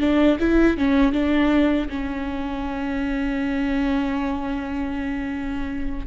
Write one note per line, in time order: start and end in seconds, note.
0.00 0.38 D4
0.40 0.77 E4
0.77 1.13 C#4
1.13 1.88 D4
1.89 6.07 C#4